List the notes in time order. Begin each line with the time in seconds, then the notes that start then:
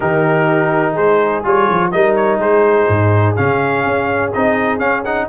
0.00 D#3 D#4 G4 A#4
0.92 G#3 G#4 C5
1.43 G3 F4 C#5
1.69 F3
1.91 G3 D#4 A#4 D#5
2.15 C#5
2.38 G#3 G#4 C5
2.88 G#2
3.36 C#3 C#4 F5
3.85 C#4
4.32 C4 D#4 D#5
4.79 C#4 F5
5.04 D#4 F#5